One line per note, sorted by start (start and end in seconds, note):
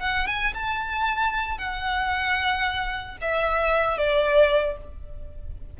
0.00 0.27 F#5
0.27 0.53 G#5
0.54 1.58 A5
1.58 3.17 F#5
3.21 3.98 E5
3.98 4.77 D5